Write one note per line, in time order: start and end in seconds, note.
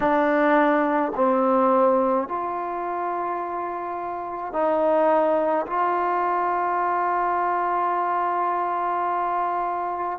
0.00 1.12 D4
1.15 2.28 C4
2.28 4.52 F4
4.52 5.66 D#4
5.66 10.19 F4